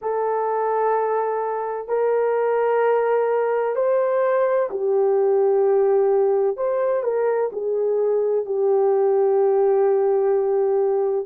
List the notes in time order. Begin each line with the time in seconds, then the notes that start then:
0.01 A4
1.87 A#4
3.75 C5
4.70 G4
6.56 C5
7.03 A#4
7.52 G#4
8.45 G4